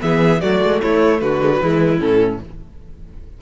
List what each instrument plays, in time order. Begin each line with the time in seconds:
0.00 cello E3, viola B3, violin G#4 E5
0.41 cello F#3, viola A3, violin F#4 D5
0.61 cello G#3
0.82 cello A3, violin E4 C#5
1.21 cello D3, violin F#4 B4
1.42 viola G#3
1.53 viola F#3
1.62 cello E3, viola G#3, violin E4
2.00 cello A2, viola C#4, violin A4